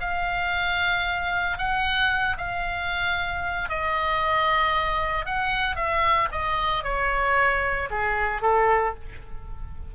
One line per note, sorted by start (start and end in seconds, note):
0.00 1.58 F5
1.58 2.37 F#5
2.38 3.69 F5
3.69 5.26 D#5
5.26 5.76 F#5
5.76 6.29 E5
6.32 6.84 D#5
6.84 7.89 C#5
7.91 8.42 G#4
8.42 8.94 A4